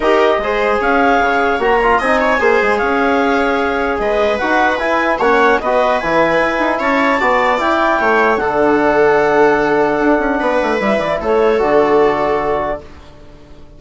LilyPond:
<<
  \new Staff \with { instrumentName = "clarinet" } { \time 4/4 \tempo 4 = 150 dis''2 f''2 | ais''4 gis''2 f''4~ | f''2 dis''4 fis''4 | gis''4 fis''4 dis''4 gis''4~ |
gis''4 a''2 g''4~ | g''4 fis''2.~ | fis''2. e''8 d''8 | cis''4 d''2. | }
  \new Staff \with { instrumentName = "viola" } { \time 4/4 ais'4 c''4 cis''2~ | cis''4 dis''8 cis''8 c''4 cis''4~ | cis''2 b'2~ | b'4 cis''4 b'2~ |
b'4 cis''4 d''2 | cis''4 a'2.~ | a'2 b'2 | a'1 | }
  \new Staff \with { instrumentName = "trombone" } { \time 4/4 g'4 gis'2. | fis'8 f'8 dis'4 gis'2~ | gis'2. fis'4 | e'4 cis'4 fis'4 e'4~ |
e'2 fis'4 e'4~ | e'4 d'2.~ | d'2. e'4~ | e'4 fis'2. | }
  \new Staff \with { instrumentName = "bassoon" } { \time 4/4 dis'4 gis4 cis'4 cis4 | ais4 c'4 ais8 gis8 cis'4~ | cis'2 gis4 dis'4 | e'4 ais4 b4 e4 |
e'8 dis'8 cis'4 b4 e'4 | a4 d2.~ | d4 d'8 cis'8 b8 a8 g8 e8 | a4 d2. | }
>>